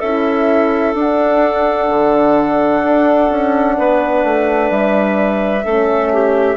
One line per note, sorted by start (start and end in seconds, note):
0.00 0.95 C#4
0.00 0.95 E4
0.00 3.75 A4
0.00 0.94 E5
0.95 1.88 D4
0.95 5.64 D4
0.95 4.71 F#5
1.90 2.83 D3
2.84 3.31 D4
3.31 3.78 C#4
3.78 4.24 B3
3.78 5.65 B4
4.24 4.71 A3
4.71 5.64 G3
4.71 6.57 E5
5.64 6.57 A3
5.64 6.57 C#4
5.64 6.12 A4
6.13 6.57 G4